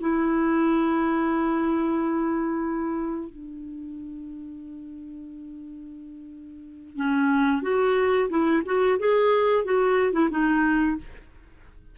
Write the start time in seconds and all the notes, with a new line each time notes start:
0.00 E4
3.29 D4
6.96 C#4
7.62 F#4
8.29 E4
8.65 F#4
8.98 G#4
9.64 F#4
10.12 E4
10.30 D#4